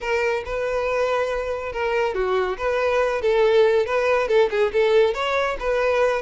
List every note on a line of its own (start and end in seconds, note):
0.00 0.43 A#4
0.45 1.72 B4
1.72 2.14 A#4
2.14 2.57 F#4
2.57 3.21 B4
3.21 3.86 A4
3.86 4.28 B4
4.28 4.49 A4
4.50 4.72 G#4
4.72 5.14 A4
5.14 5.57 C#5
5.59 6.21 B4